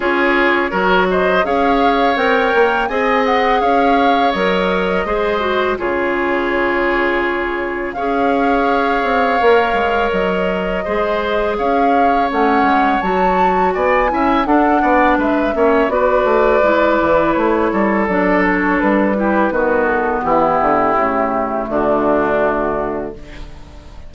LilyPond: <<
  \new Staff \with { instrumentName = "flute" } { \time 4/4 \tempo 4 = 83 cis''4. dis''8 f''4 g''4 | gis''8 fis''8 f''4 dis''2 | cis''2. f''4~ | f''2 dis''2 |
f''4 fis''4 a''4 gis''4 | fis''4 e''4 d''2 | cis''4 d''8 cis''8 b'4. a'8 | g'2 fis'2 | }
  \new Staff \with { instrumentName = "oboe" } { \time 4/4 gis'4 ais'8 c''8 cis''2 | dis''4 cis''2 c''4 | gis'2. cis''4~ | cis''2. c''4 |
cis''2. d''8 e''8 | a'8 d''8 b'8 cis''8 b'2~ | b'8 a'2 g'8 fis'4 | e'2 d'2 | }
  \new Staff \with { instrumentName = "clarinet" } { \time 4/4 f'4 fis'4 gis'4 ais'4 | gis'2 ais'4 gis'8 fis'8 | f'2. gis'4~ | gis'4 ais'2 gis'4~ |
gis'4 cis'4 fis'4. e'8 | d'4. cis'8 fis'4 e'4~ | e'4 d'4. e'8 b4~ | b4 a2. | }
  \new Staff \with { instrumentName = "bassoon" } { \time 4/4 cis'4 fis4 cis'4 c'8 ais8 | c'4 cis'4 fis4 gis4 | cis2. cis'4~ | cis'8 c'8 ais8 gis8 fis4 gis4 |
cis'4 a8 gis8 fis4 b8 cis'8 | d'8 b8 gis8 ais8 b8 a8 gis8 e8 | a8 g8 fis4 g4 dis4 | e8 d8 cis4 d2 | }
>>